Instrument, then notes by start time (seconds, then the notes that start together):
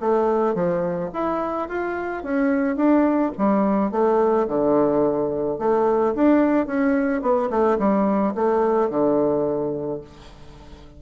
bassoon
0.00 A3
0.54 F3
1.13 E4
1.68 F4
2.23 C#4
2.76 D4
3.38 G3
3.91 A3
4.47 D3
5.59 A3
6.15 D4
6.66 C#4
7.22 B3
7.50 A3
7.79 G3
8.35 A3
8.90 D3